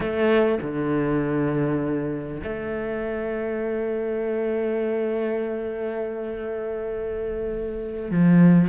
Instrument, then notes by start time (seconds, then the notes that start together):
cello
0.00 A3
0.61 D3
2.43 A3
8.10 F3